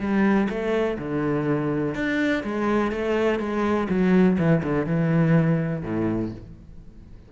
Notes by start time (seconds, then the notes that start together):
0.00 G3
0.49 A3
0.99 D3
1.95 D4
2.44 G#3
2.92 A3
3.40 G#3
3.90 F#3
4.39 E3
4.64 D3
4.86 E3
5.84 A2